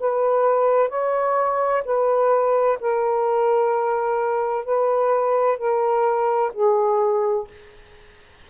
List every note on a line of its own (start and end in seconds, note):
0.00 0.89 B4
0.89 1.83 C#5
1.85 2.79 B4
2.80 4.65 A#4
4.65 5.58 B4
5.58 6.52 A#4
6.54 7.47 G#4